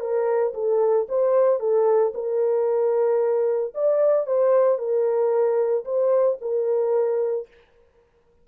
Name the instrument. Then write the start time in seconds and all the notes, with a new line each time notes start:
horn
0.00 A#4
0.54 A4
1.09 C5
1.60 A4
2.14 A#4
3.74 D5
4.26 C5
4.78 A#4
5.85 C5
6.41 A#4